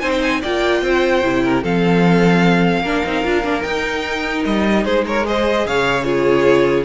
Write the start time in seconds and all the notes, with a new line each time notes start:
0.00 C4 D#4 C5 G#5
0.11 G5
0.22 G#5
0.42 A#3 F4 D5 G5
0.82 C4 C5
1.23 C3 E4
1.44 A#4
1.63 F3 C4 A4 F5
2.83 A#3 D4 A#4
3.05 C4 D#4
3.24 D4 F4
3.43 A#3 D4
3.61 D#4 G5
4.46 G3 D#5
4.85 G#3 G#4 C5
5.07 A#4 C#5
5.25 G#4 C5 D#5
5.67 C#3 C#5 F5
6.04 F4 G#4 C#5